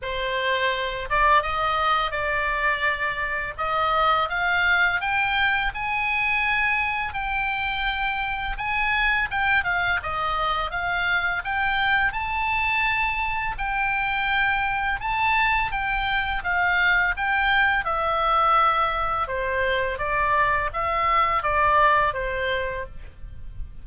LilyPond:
\new Staff \with { instrumentName = "oboe" } { \time 4/4 \tempo 4 = 84 c''4. d''8 dis''4 d''4~ | d''4 dis''4 f''4 g''4 | gis''2 g''2 | gis''4 g''8 f''8 dis''4 f''4 |
g''4 a''2 g''4~ | g''4 a''4 g''4 f''4 | g''4 e''2 c''4 | d''4 e''4 d''4 c''4 | }